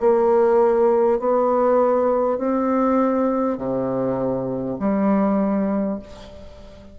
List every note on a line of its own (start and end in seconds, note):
0.00 1.19 A#3
1.19 2.38 B3
2.38 3.58 C4
3.58 4.78 C3
4.79 5.99 G3